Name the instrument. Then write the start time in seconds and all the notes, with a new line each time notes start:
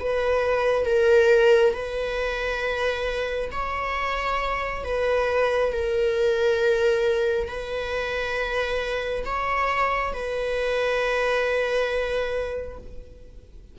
viola
0.00 B4
0.86 A#4
1.74 B4
3.52 C#5
4.84 B4
5.73 A#4
7.48 B4
9.25 C#5
10.14 B4